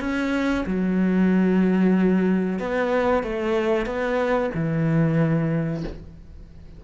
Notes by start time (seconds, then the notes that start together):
0.00 C#4
0.67 F#3
2.59 B3
3.23 A3
3.86 B3
4.55 E3